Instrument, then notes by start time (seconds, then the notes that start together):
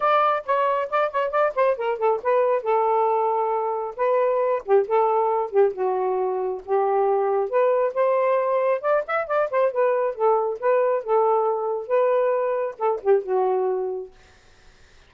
saxophone
0.00 D5
0.45 C#5
0.90 D5
1.11 C#5
1.30 D5
1.55 C5
1.77 A#4
1.98 A4
2.22 B4
2.62 A4
3.96 B4
4.65 G4
4.87 A4
5.50 G4
5.73 F#4
6.65 G4
7.49 B4
7.94 C5
8.81 D5
9.07 E5
9.27 D5
9.50 C5
9.72 B4
10.15 A4
10.59 B4
11.03 A4
11.87 B4
12.78 A4
13.02 G4
13.23 F#4